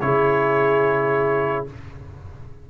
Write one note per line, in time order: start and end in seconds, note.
0.00 1.67 C#3
0.00 1.67 E4
0.00 1.70 G#4
0.00 1.66 C#5